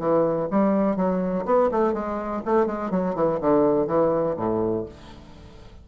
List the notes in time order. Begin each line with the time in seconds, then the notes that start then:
0.00 E3
0.51 G3
0.97 F#3
1.46 B3
1.72 A3
1.94 G#3
2.46 A3
2.67 G#3
2.91 F#3
3.16 E3
3.41 D3
3.87 E3
4.37 A2